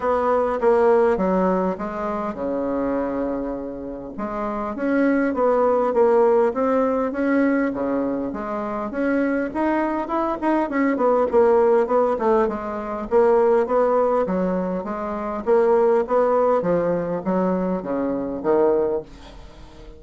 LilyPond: \new Staff \with { instrumentName = "bassoon" } { \time 4/4 \tempo 4 = 101 b4 ais4 fis4 gis4 | cis2. gis4 | cis'4 b4 ais4 c'4 | cis'4 cis4 gis4 cis'4 |
dis'4 e'8 dis'8 cis'8 b8 ais4 | b8 a8 gis4 ais4 b4 | fis4 gis4 ais4 b4 | f4 fis4 cis4 dis4 | }